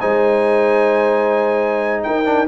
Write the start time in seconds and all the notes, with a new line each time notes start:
0.00 G#3 D#4 C5 G#5
2.03 D#4 A#4 G5
2.25 D4